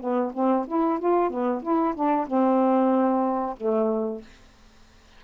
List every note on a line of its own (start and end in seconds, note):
0.00 0.32 B3
0.34 0.66 C4
0.67 0.99 E4
0.99 1.30 F4
1.30 1.62 B3
1.62 1.95 E4
1.95 2.27 D4
2.27 3.56 C4
3.57 4.22 A3